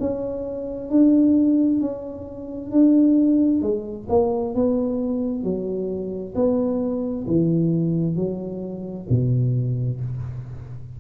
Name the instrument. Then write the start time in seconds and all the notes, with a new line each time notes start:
tuba
0.00 C#4
0.90 D4
1.81 C#4
2.71 D4
3.62 G#3
4.10 A#3
4.55 B3
5.44 F#3
6.35 B3
7.27 E3
8.16 F#3
9.10 B2